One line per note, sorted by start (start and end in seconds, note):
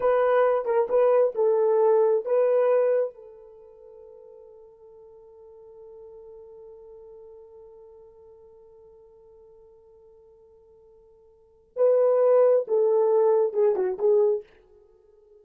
0.00 0.65 B4
0.65 0.87 A#4
0.89 1.34 B4
1.34 2.25 A4
2.25 3.14 B4
3.14 11.71 A4
11.76 12.66 B4
12.67 13.53 A4
13.53 13.75 G#4
13.75 13.98 F#4
13.98 14.43 G#4